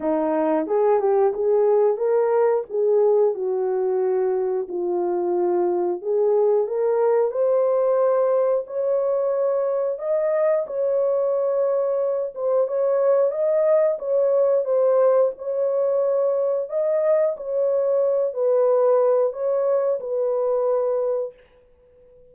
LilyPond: \new Staff \with { instrumentName = "horn" } { \time 4/4 \tempo 4 = 90 dis'4 gis'8 g'8 gis'4 ais'4 | gis'4 fis'2 f'4~ | f'4 gis'4 ais'4 c''4~ | c''4 cis''2 dis''4 |
cis''2~ cis''8 c''8 cis''4 | dis''4 cis''4 c''4 cis''4~ | cis''4 dis''4 cis''4. b'8~ | b'4 cis''4 b'2 | }